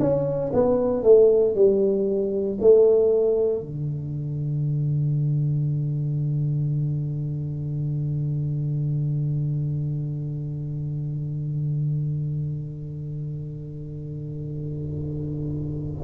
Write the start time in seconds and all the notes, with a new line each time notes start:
0.00 C#4
0.53 B3
1.03 A3
1.55 G3
2.61 A3
3.61 D3